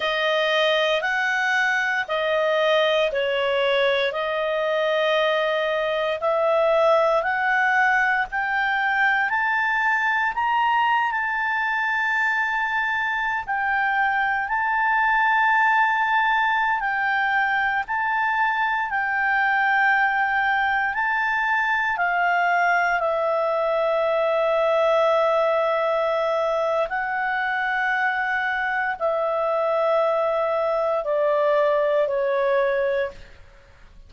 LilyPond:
\new Staff \with { instrumentName = "clarinet" } { \time 4/4 \tempo 4 = 58 dis''4 fis''4 dis''4 cis''4 | dis''2 e''4 fis''4 | g''4 a''4 ais''8. a''4~ a''16~ | a''4 g''4 a''2~ |
a''16 g''4 a''4 g''4.~ g''16~ | g''16 a''4 f''4 e''4.~ e''16~ | e''2 fis''2 | e''2 d''4 cis''4 | }